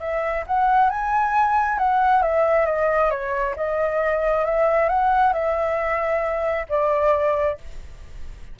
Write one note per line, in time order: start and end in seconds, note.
0.00 0.44 E5
0.47 0.90 F#5
0.90 1.79 G#5
1.79 2.23 F#5
2.23 2.66 E5
2.66 3.11 D#5
3.11 3.55 C#5
3.57 4.45 D#5
4.45 4.89 E5
4.89 5.33 F#5
5.33 6.66 E5
6.69 7.58 D5